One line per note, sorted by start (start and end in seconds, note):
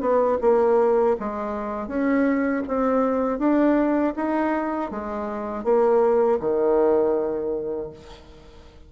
0.00 0.38 B3
0.41 1.16 A#3
1.20 1.87 G#3
1.87 2.62 C#4
2.68 3.39 C4
3.39 4.14 D4
4.16 4.91 D#4
4.91 5.64 G#3
5.64 6.39 A#3
6.40 7.90 D#3